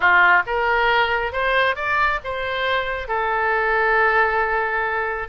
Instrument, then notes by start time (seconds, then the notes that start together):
oboe
0.00 F4
0.46 A#4
1.32 C5
1.75 D5
2.24 C5
3.08 A4